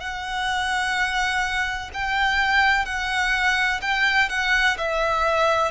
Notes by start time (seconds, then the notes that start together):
0.00 F#5
1.94 G5
2.85 F#5
3.82 G5
4.29 F#5
4.78 E5